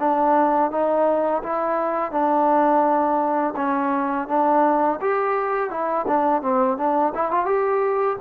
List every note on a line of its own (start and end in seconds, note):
0.00 0.71 D4
0.71 1.43 D#4
1.44 2.12 E4
2.12 3.55 D4
3.56 4.28 C#4
4.28 5.00 D4
5.01 5.70 G4
5.70 6.06 E4
6.07 6.42 D4
6.42 6.78 C4
6.78 7.13 D4
7.15 7.31 E4
7.31 7.46 F4
7.46 8.17 G4